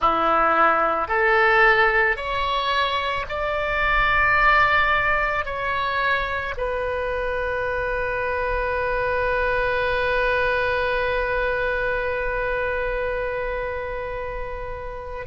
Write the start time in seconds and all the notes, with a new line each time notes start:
0.00 E4
1.08 A4
2.16 C#5
3.28 D5
5.45 C#5
6.57 B4